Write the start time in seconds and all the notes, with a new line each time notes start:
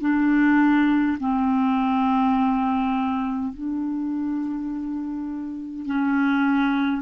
0.00 D4
1.19 C4
3.53 D4
5.86 C#4